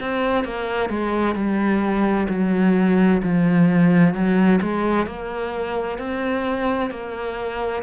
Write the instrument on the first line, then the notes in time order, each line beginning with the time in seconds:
cello
0.00 C4
0.44 A#3
0.90 G#3
1.35 G3
2.30 F#3
3.23 F3
4.14 F#3
4.62 G#3
5.06 A#3
5.99 C4
6.91 A#3